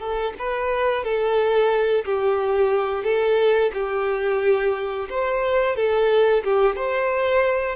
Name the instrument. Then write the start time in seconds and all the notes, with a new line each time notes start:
violin
0.00 A4
0.39 B4
1.04 A4
2.05 G4
3.04 A4
3.74 G4
5.10 C5
5.76 A4
6.44 G4
6.76 C5